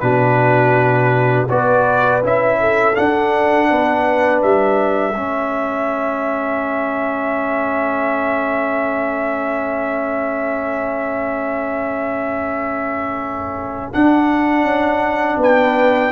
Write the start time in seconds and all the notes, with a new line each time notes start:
0.00 B2 D4 F#4 B4
1.49 B3 F#4 B4 D5
2.24 C#4 E4 E5
2.60 A4
2.94 D4 F#5
3.70 B3 B4
4.42 G3 E5
5.16 A3 C#4 A4
13.93 D4 F#5
14.63 C#4
15.37 B3 B4 G5